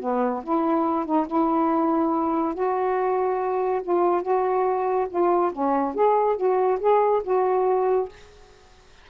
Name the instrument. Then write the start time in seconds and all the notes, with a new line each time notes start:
saxophone
0.00 B3
0.43 E4
1.05 D#4
1.27 E4
2.54 F#4
3.82 F4
4.22 F#4
5.09 F4
5.52 C#4
5.94 G#4
6.36 F#4
6.79 G#4
7.23 F#4